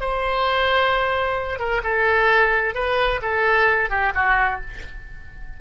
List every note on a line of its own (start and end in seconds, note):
0.00 1.59 C5
1.59 1.82 A#4
1.83 2.74 A4
2.74 3.20 B4
3.22 3.90 A4
3.90 4.12 G4
4.15 4.60 F#4